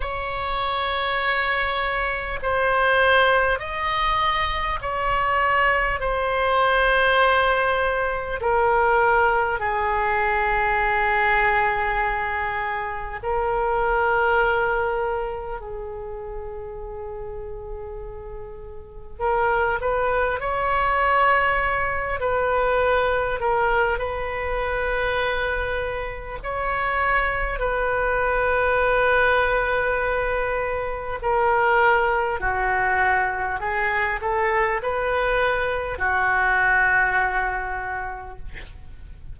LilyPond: \new Staff \with { instrumentName = "oboe" } { \time 4/4 \tempo 4 = 50 cis''2 c''4 dis''4 | cis''4 c''2 ais'4 | gis'2. ais'4~ | ais'4 gis'2. |
ais'8 b'8 cis''4. b'4 ais'8 | b'2 cis''4 b'4~ | b'2 ais'4 fis'4 | gis'8 a'8 b'4 fis'2 | }